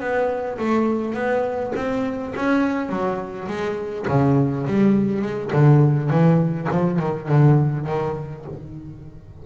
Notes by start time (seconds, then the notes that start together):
0.00 B3
0.59 A3
1.14 B3
1.76 C4
2.36 C#4
2.90 F#3
3.48 G#3
4.08 C#3
4.67 G3
5.22 G#3
5.53 D3
6.10 E3
6.71 F3
6.99 D#3
7.29 D3
7.87 D#3